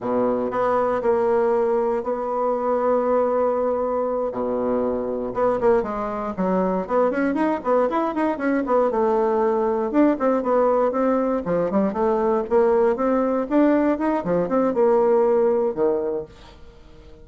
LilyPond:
\new Staff \with { instrumentName = "bassoon" } { \time 4/4 \tempo 4 = 118 b,4 b4 ais2 | b1~ | b8 b,2 b8 ais8 gis8~ | gis8 fis4 b8 cis'8 dis'8 b8 e'8 |
dis'8 cis'8 b8 a2 d'8 | c'8 b4 c'4 f8 g8 a8~ | a8 ais4 c'4 d'4 dis'8 | f8 c'8 ais2 dis4 | }